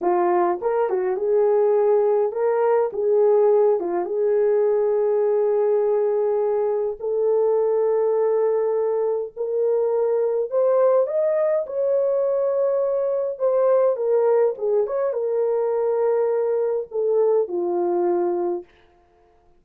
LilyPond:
\new Staff \with { instrumentName = "horn" } { \time 4/4 \tempo 4 = 103 f'4 ais'8 fis'8 gis'2 | ais'4 gis'4. f'8 gis'4~ | gis'1 | a'1 |
ais'2 c''4 dis''4 | cis''2. c''4 | ais'4 gis'8 cis''8 ais'2~ | ais'4 a'4 f'2 | }